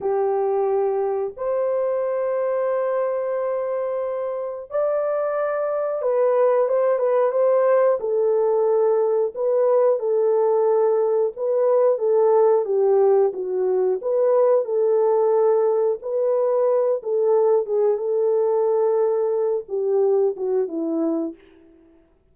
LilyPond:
\new Staff \with { instrumentName = "horn" } { \time 4/4 \tempo 4 = 90 g'2 c''2~ | c''2. d''4~ | d''4 b'4 c''8 b'8 c''4 | a'2 b'4 a'4~ |
a'4 b'4 a'4 g'4 | fis'4 b'4 a'2 | b'4. a'4 gis'8 a'4~ | a'4. g'4 fis'8 e'4 | }